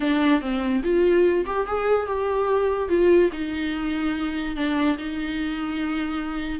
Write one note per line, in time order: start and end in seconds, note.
0.00 0.41 D4
0.41 0.82 C4
0.83 1.45 F4
1.46 1.66 G4
1.66 2.06 G#4
2.06 2.89 G4
2.89 3.30 F4
3.32 4.56 D#4
4.56 4.97 D4
4.97 6.60 D#4